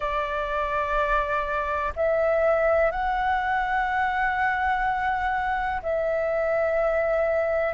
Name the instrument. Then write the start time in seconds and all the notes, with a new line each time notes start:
flute
0.00 D5
1.96 E5
2.91 F#5
5.82 E5